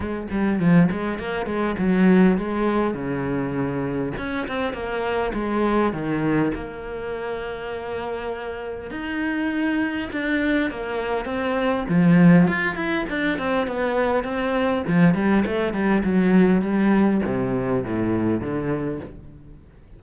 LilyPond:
\new Staff \with { instrumentName = "cello" } { \time 4/4 \tempo 4 = 101 gis8 g8 f8 gis8 ais8 gis8 fis4 | gis4 cis2 cis'8 c'8 | ais4 gis4 dis4 ais4~ | ais2. dis'4~ |
dis'4 d'4 ais4 c'4 | f4 f'8 e'8 d'8 c'8 b4 | c'4 f8 g8 a8 g8 fis4 | g4 c4 a,4 d4 | }